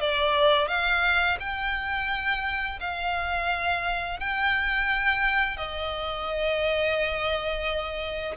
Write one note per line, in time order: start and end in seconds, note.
0.00 0.68 D5
0.68 1.38 F5
1.40 2.79 G5
2.80 4.20 F5
4.20 5.57 G5
5.57 8.36 D#5